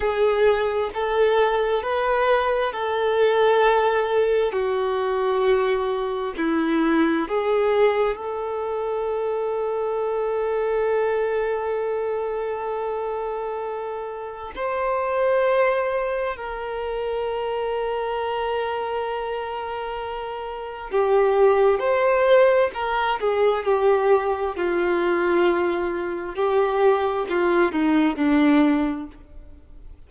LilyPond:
\new Staff \with { instrumentName = "violin" } { \time 4/4 \tempo 4 = 66 gis'4 a'4 b'4 a'4~ | a'4 fis'2 e'4 | gis'4 a'2.~ | a'1 |
c''2 ais'2~ | ais'2. g'4 | c''4 ais'8 gis'8 g'4 f'4~ | f'4 g'4 f'8 dis'8 d'4 | }